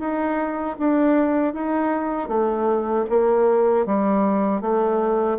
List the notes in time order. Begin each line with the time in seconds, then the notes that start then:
0.00 D#4
0.79 D4
1.54 D#4
2.29 A3
3.10 A#3
3.87 G3
4.62 A3